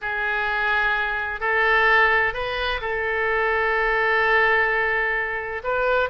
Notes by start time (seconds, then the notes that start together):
0.01 G#4
1.40 A4
2.33 B4
2.81 A4
5.63 B4